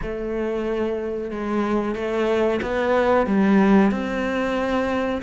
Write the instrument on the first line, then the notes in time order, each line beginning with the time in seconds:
cello
0.01 A3
1.30 G#3
1.95 A3
2.61 B3
3.26 G3
3.91 C4